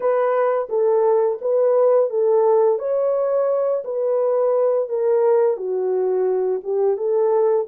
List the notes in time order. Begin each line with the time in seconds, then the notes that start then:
0.00 B4
0.68 A4
1.41 B4
2.09 A4
2.78 C#5
3.84 B4
4.88 A#4
5.56 F#4
6.63 G4
6.97 A4